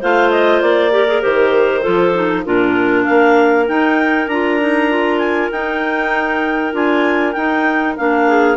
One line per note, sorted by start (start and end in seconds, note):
0.00 0.62 A3
0.00 0.91 F4
0.00 0.92 C5
0.00 0.31 F5
0.31 0.61 D#5
0.62 1.23 A#3
0.62 1.22 D5
0.91 1.07 G4
0.91 1.82 A#4
1.07 1.22 G#4
1.22 1.86 D#3
1.22 1.83 G4
1.22 2.45 C5
1.82 2.46 F3
1.82 2.13 F4
1.82 2.43 A4
2.14 2.45 D#4
2.45 3.07 A#2
2.45 3.68 D4
2.45 3.06 F4
2.45 3.05 A#4
3.05 3.69 A#3
3.05 8.27 A#4
3.05 3.66 F5
3.68 4.29 D#4
3.68 4.27 D#4
3.68 4.28 G5
4.27 5.50 D4
4.27 4.60 F4
4.27 5.19 A#5
4.60 4.90 D#4
4.90 5.52 F4
5.19 5.49 G#5
5.52 6.74 D#4
5.52 6.72 D#4
5.52 6.74 G5
6.72 7.35 D4
6.72 7.33 F4
6.72 7.33 G#5
7.33 7.97 D#4
7.33 7.98 D#4
7.33 7.94 G5
7.98 8.57 A#3
7.98 8.57 D4
7.98 8.57 F5
8.28 8.57 G#4